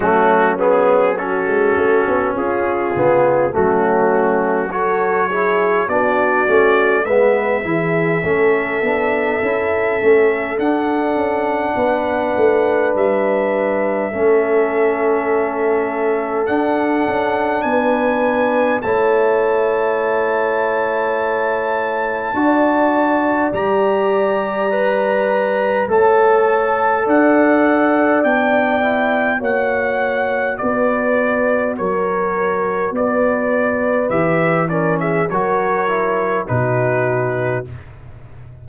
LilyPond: <<
  \new Staff \with { instrumentName = "trumpet" } { \time 4/4 \tempo 4 = 51 fis'8 gis'8 a'4 gis'4 fis'4 | cis''4 d''4 e''2~ | e''4 fis''2 e''4~ | e''2 fis''4 gis''4 |
a''1 | ais''2 a''4 fis''4 | g''4 fis''4 d''4 cis''4 | d''4 e''8 d''16 e''16 cis''4 b'4 | }
  \new Staff \with { instrumentName = "horn" } { \time 4/4 cis'4 fis'4 f'4 cis'4 | a'8 gis'8 fis'4 b'8 gis'8 a'4~ | a'2 b'2 | a'2. b'4 |
cis''2. d''4~ | d''2 cis''4 d''4~ | d''4 cis''4 b'4 ais'4 | b'4. ais'16 gis'16 ais'4 fis'4 | }
  \new Staff \with { instrumentName = "trombone" } { \time 4/4 a8 b8 cis'4. b8 a4 | fis'8 e'8 d'8 cis'8 b8 e'8 cis'8 d'8 | e'8 cis'8 d'2. | cis'2 d'2 |
e'2. fis'4 | g'4 b'4 a'2 | d'8 e'8 fis'2.~ | fis'4 g'8 cis'8 fis'8 e'8 dis'4 | }
  \new Staff \with { instrumentName = "tuba" } { \time 4/4 fis4~ fis16 gis16 a16 b16 cis'8 cis8 fis4~ | fis4 b8 a8 gis8 e8 a8 b8 | cis'8 a8 d'8 cis'8 b8 a8 g4 | a2 d'8 cis'8 b4 |
a2. d'4 | g2 a4 d'4 | b4 ais4 b4 fis4 | b4 e4 fis4 b,4 | }
>>